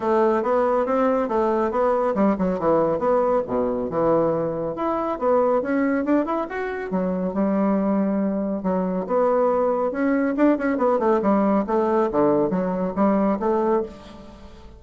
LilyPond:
\new Staff \with { instrumentName = "bassoon" } { \time 4/4 \tempo 4 = 139 a4 b4 c'4 a4 | b4 g8 fis8 e4 b4 | b,4 e2 e'4 | b4 cis'4 d'8 e'8 fis'4 |
fis4 g2. | fis4 b2 cis'4 | d'8 cis'8 b8 a8 g4 a4 | d4 fis4 g4 a4 | }